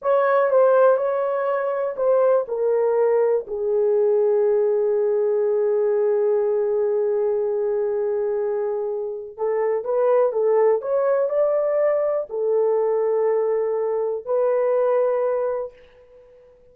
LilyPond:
\new Staff \with { instrumentName = "horn" } { \time 4/4 \tempo 4 = 122 cis''4 c''4 cis''2 | c''4 ais'2 gis'4~ | gis'1~ | gis'1~ |
gis'2. a'4 | b'4 a'4 cis''4 d''4~ | d''4 a'2.~ | a'4 b'2. | }